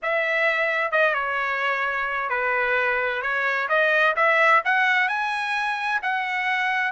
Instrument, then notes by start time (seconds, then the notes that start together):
trumpet
0.02 E5
0.91 D#5
1.14 C#5
2.29 B4
3.22 C#5
3.68 D#5
4.16 E5
4.64 F#5
5.08 G#5
6.02 F#5